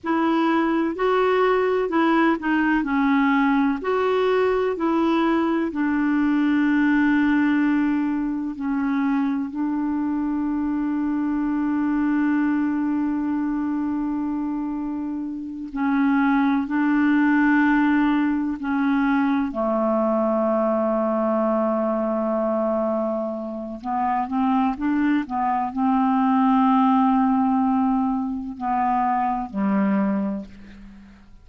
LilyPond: \new Staff \with { instrumentName = "clarinet" } { \time 4/4 \tempo 4 = 63 e'4 fis'4 e'8 dis'8 cis'4 | fis'4 e'4 d'2~ | d'4 cis'4 d'2~ | d'1~ |
d'8 cis'4 d'2 cis'8~ | cis'8 a2.~ a8~ | a4 b8 c'8 d'8 b8 c'4~ | c'2 b4 g4 | }